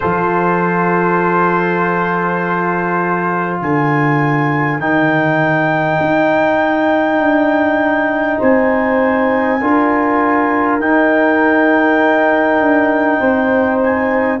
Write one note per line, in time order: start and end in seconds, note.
0.00 3.61 F3
0.00 4.80 F4
0.00 3.60 A4
0.00 3.59 C5
3.60 4.78 D3
3.60 8.38 A#4
3.60 4.80 G#5
4.78 5.98 D#3
4.78 9.60 D#4
4.78 8.40 G5
6.00 7.18 D#4
7.18 8.38 D4
8.38 9.61 C4
8.38 9.58 C5
8.38 10.80 G#5
9.61 10.79 D4
9.61 10.80 F4
9.61 13.20 A#4
10.79 12.59 D#4
10.79 14.40 D#4
10.79 13.80 G5
12.59 13.19 D4
13.20 14.40 C4
13.20 14.39 C5
13.82 14.40 G#5